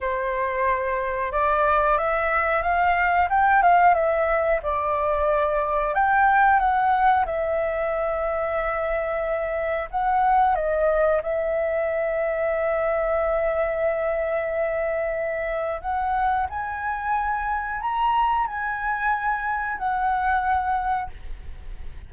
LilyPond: \new Staff \with { instrumentName = "flute" } { \time 4/4 \tempo 4 = 91 c''2 d''4 e''4 | f''4 g''8 f''8 e''4 d''4~ | d''4 g''4 fis''4 e''4~ | e''2. fis''4 |
dis''4 e''2.~ | e''1 | fis''4 gis''2 ais''4 | gis''2 fis''2 | }